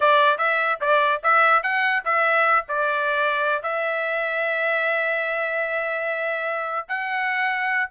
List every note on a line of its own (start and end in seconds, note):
0.00 0.38 D5
0.38 0.78 E5
0.81 1.21 D5
1.23 1.62 E5
1.62 2.03 F#5
2.05 2.65 E5
2.68 3.62 D5
3.62 6.87 E5
6.88 7.89 F#5